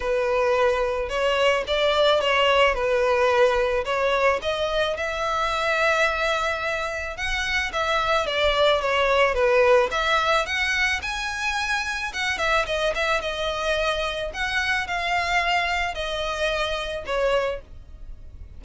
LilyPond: \new Staff \with { instrumentName = "violin" } { \time 4/4 \tempo 4 = 109 b'2 cis''4 d''4 | cis''4 b'2 cis''4 | dis''4 e''2.~ | e''4 fis''4 e''4 d''4 |
cis''4 b'4 e''4 fis''4 | gis''2 fis''8 e''8 dis''8 e''8 | dis''2 fis''4 f''4~ | f''4 dis''2 cis''4 | }